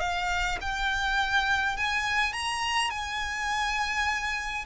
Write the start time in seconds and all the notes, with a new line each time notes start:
0.00 F5
0.61 G5
1.77 G#5
2.33 A#5
2.90 G#5